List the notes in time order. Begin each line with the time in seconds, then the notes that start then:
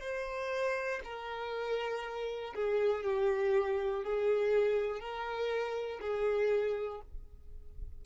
0.00 C5
1.04 A#4
2.55 G#4
3.04 G4
4.04 G#4
5.00 A#4
6.00 G#4